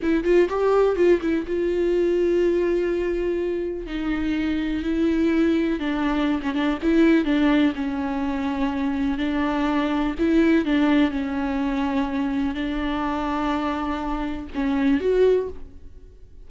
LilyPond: \new Staff \with { instrumentName = "viola" } { \time 4/4 \tempo 4 = 124 e'8 f'8 g'4 f'8 e'8 f'4~ | f'1 | dis'2 e'2 | d'4~ d'16 cis'16 d'8 e'4 d'4 |
cis'2. d'4~ | d'4 e'4 d'4 cis'4~ | cis'2 d'2~ | d'2 cis'4 fis'4 | }